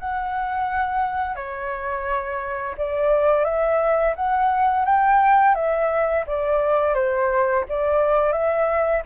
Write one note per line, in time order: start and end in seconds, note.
0.00 1.36 F#5
1.36 2.76 C#5
2.78 3.45 D5
3.45 4.15 E5
4.16 4.86 F#5
4.86 5.55 G5
5.55 6.25 E5
6.27 6.95 D5
6.95 7.65 C5
7.69 8.33 D5
8.33 9.03 E5